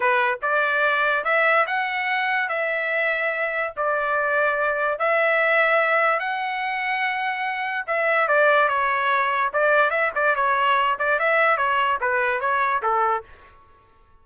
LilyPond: \new Staff \with { instrumentName = "trumpet" } { \time 4/4 \tempo 4 = 145 b'4 d''2 e''4 | fis''2 e''2~ | e''4 d''2. | e''2. fis''4~ |
fis''2. e''4 | d''4 cis''2 d''4 | e''8 d''8 cis''4. d''8 e''4 | cis''4 b'4 cis''4 a'4 | }